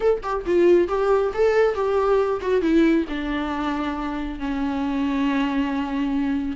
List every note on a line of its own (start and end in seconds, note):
0.00 0.21 A4
0.22 0.44 G4
0.46 0.88 F4
0.88 1.31 G4
1.34 1.74 A4
1.74 2.40 G4
2.41 2.61 F#4
2.61 3.05 E4
3.08 4.39 D4
4.39 6.56 C#4